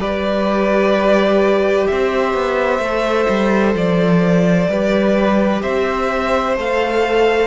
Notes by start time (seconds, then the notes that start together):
0.00 G3 G4 B4 D5
1.87 C4 C5 E5
2.34 B3
2.79 A3 A4
3.29 G3
3.74 F3 D5
4.69 G3 G4 B4
5.62 C4 C5 E5
6.57 A3 A4 F5